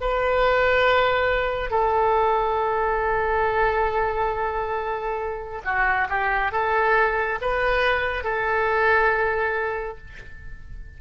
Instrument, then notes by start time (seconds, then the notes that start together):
oboe
0.00 B4
1.70 A4
5.64 F#4
6.09 G4
6.52 A4
7.41 B4
8.24 A4